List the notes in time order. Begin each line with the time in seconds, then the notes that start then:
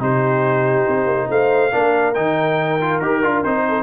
0.00 C3 D#4 G4 C5
0.88 C4
1.06 A#3
1.30 A3 C5 F5
1.72 A#3 D4 A#4
2.15 D#3 D#4 G5
2.81 F4
3.00 D#4 G4 A#4
3.23 D4 F4
3.44 C4 D#4 C5
3.69 A4